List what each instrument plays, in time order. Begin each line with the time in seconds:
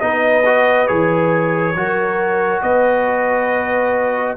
0.00 tuba B3, trombone D#4, horn B4, trumpet D#5
0.46 trombone F#4
0.87 tuba E3, trombone G#4, trumpet C#5
1.75 tuba F#3, trombone F#4, horn A#4
2.61 tuba B3, horn B4, trumpet D#5